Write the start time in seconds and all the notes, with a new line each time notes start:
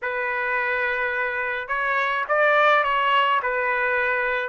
0.02 B4
1.68 C#5
2.28 D5
2.83 C#5
3.42 B4